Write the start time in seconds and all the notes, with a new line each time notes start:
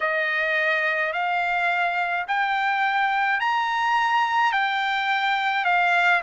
0.00 D#5
1.13 F5
2.27 G5
3.40 A#5
4.52 G5
5.64 F5